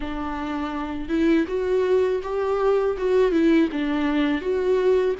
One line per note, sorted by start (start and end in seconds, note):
0.00 1.08 D4
1.08 1.45 E4
1.47 2.21 F#4
2.22 2.96 G4
2.97 3.31 F#4
3.31 3.68 E4
3.72 4.41 D4
4.41 5.15 F#4